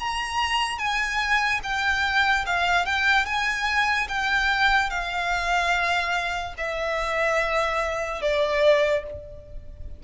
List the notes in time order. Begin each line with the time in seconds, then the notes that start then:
0.00 A#5
0.79 G#5
1.64 G5
2.46 F5
2.86 G5
3.26 G#5
4.09 G5
4.90 F5
6.58 E5
8.22 D5